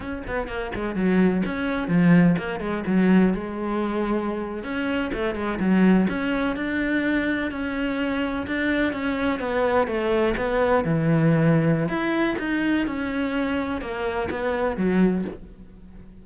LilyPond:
\new Staff \with { instrumentName = "cello" } { \time 4/4 \tempo 4 = 126 cis'8 b8 ais8 gis8 fis4 cis'4 | f4 ais8 gis8 fis4 gis4~ | gis4.~ gis16 cis'4 a8 gis8 fis16~ | fis8. cis'4 d'2 cis'16~ |
cis'4.~ cis'16 d'4 cis'4 b16~ | b8. a4 b4 e4~ e16~ | e4 e'4 dis'4 cis'4~ | cis'4 ais4 b4 fis4 | }